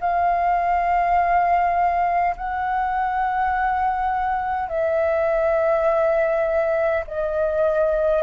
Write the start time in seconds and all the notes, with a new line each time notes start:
0.00 F5
2.37 F#5
4.69 E5
7.07 D#5